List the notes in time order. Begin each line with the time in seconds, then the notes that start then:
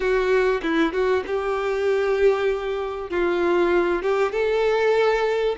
0.00 F#4
0.62 E4
0.92 F#4
1.26 G4
3.10 F4
4.02 G4
4.32 A4